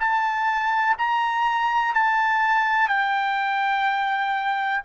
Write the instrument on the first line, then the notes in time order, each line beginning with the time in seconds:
trumpet
0.00 A5
0.98 A#5
1.94 A5
2.89 G5